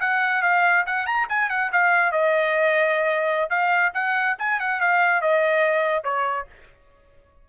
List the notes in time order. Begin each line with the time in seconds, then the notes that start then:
0.00 F#5
0.42 F5
0.86 F#5
1.06 A#5
1.29 G#5
1.49 F#5
1.72 F5
2.12 D#5
3.50 F5
3.94 F#5
4.38 G#5
4.60 F#5
4.80 F5
5.21 D#5
6.04 C#5